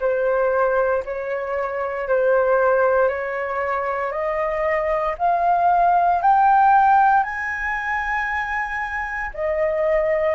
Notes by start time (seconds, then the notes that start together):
0.00 C5
1.05 C#5
2.08 C5
3.08 C#5
4.11 D#5
5.18 F5
6.22 G5
7.24 G#5
9.34 D#5